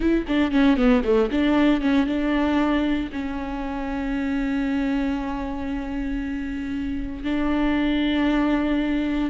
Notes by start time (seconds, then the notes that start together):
0.00 E4
0.27 D4
0.51 C#4
0.76 B3
1.04 A3
1.31 D4
1.81 C#4
2.06 D4
3.12 C#4
7.23 D4